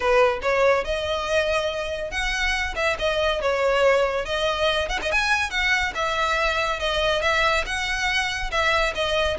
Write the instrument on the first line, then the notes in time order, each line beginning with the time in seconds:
violin
0.00 B4
0.41 C#5
0.84 D#5
2.10 F#5
2.75 E5
2.98 D#5
3.41 C#5
4.25 D#5
4.88 F#5
5.02 D#5
5.11 G#5
5.50 F#5
5.95 E5
6.79 D#5
7.21 E5
7.65 F#5
8.51 E5
8.94 D#5